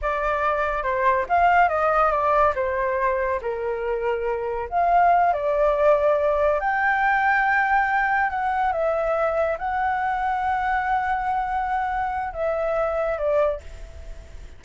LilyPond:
\new Staff \with { instrumentName = "flute" } { \time 4/4 \tempo 4 = 141 d''2 c''4 f''4 | dis''4 d''4 c''2 | ais'2. f''4~ | f''8 d''2. g''8~ |
g''2.~ g''8 fis''8~ | fis''8 e''2 fis''4.~ | fis''1~ | fis''4 e''2 d''4 | }